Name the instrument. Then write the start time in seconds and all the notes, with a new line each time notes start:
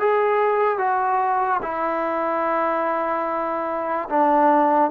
trombone
0.00 G#4
0.78 F#4
1.62 E4
4.09 D4